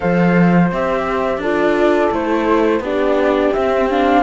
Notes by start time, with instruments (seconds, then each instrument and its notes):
0.00 cello F3, viola A4, horn C5, flute F5
0.71 cello C4, viola G4, flute E5
1.37 cello D4, viola F4, horn A4, flute D5
2.11 cello A3, viola E4, flute C5
2.79 cello B3, viola D4, horn G4, flute D5
3.52 viola C4, cello C4, flute E5
3.90 viola D4, flute F5